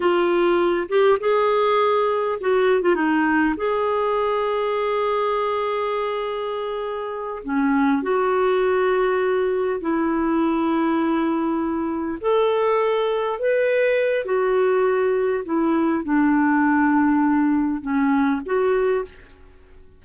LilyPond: \new Staff \with { instrumentName = "clarinet" } { \time 4/4 \tempo 4 = 101 f'4. g'8 gis'2 | fis'8. f'16 dis'4 gis'2~ | gis'1~ | gis'8 cis'4 fis'2~ fis'8~ |
fis'8 e'2.~ e'8~ | e'8 a'2 b'4. | fis'2 e'4 d'4~ | d'2 cis'4 fis'4 | }